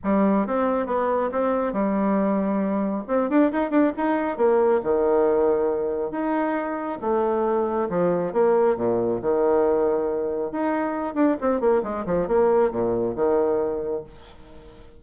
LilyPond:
\new Staff \with { instrumentName = "bassoon" } { \time 4/4 \tempo 4 = 137 g4 c'4 b4 c'4 | g2. c'8 d'8 | dis'8 d'8 dis'4 ais4 dis4~ | dis2 dis'2 |
a2 f4 ais4 | ais,4 dis2. | dis'4. d'8 c'8 ais8 gis8 f8 | ais4 ais,4 dis2 | }